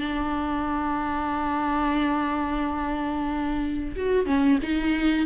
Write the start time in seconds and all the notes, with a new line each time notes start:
0.00 D4
3.96 F#4
4.26 C#4
4.62 D#4